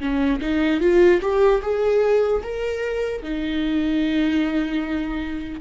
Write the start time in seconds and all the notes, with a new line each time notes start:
0.00 C#4
0.41 D#4
0.80 F4
1.21 G4
1.62 G#4
2.43 A#4
3.23 D#4